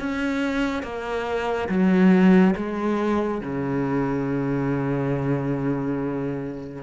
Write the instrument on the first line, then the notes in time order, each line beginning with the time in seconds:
cello
0.00 C#4
0.83 A#3
1.69 F#3
2.56 G#3
3.41 C#3